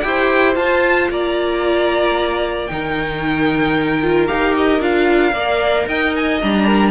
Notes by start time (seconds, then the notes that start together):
0.00 E4 G4 G5
0.07 C5
0.55 F4 A5
1.10 A#3 D5 A#5
2.66 D#3 D#4 A#4 G5
4.02 F4
4.27 D#4 G4 F5
4.56 D#5
4.79 D4 F4 F5
5.32 A#3 A#4 D5
5.86 D#4 D#5 G5
6.15 G#5
6.41 G3 D4 A#5
6.66 A#4